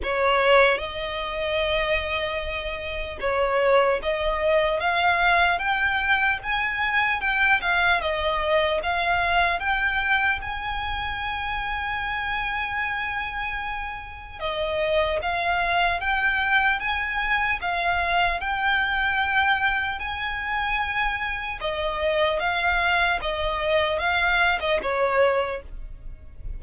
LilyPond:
\new Staff \with { instrumentName = "violin" } { \time 4/4 \tempo 4 = 75 cis''4 dis''2. | cis''4 dis''4 f''4 g''4 | gis''4 g''8 f''8 dis''4 f''4 | g''4 gis''2.~ |
gis''2 dis''4 f''4 | g''4 gis''4 f''4 g''4~ | g''4 gis''2 dis''4 | f''4 dis''4 f''8. dis''16 cis''4 | }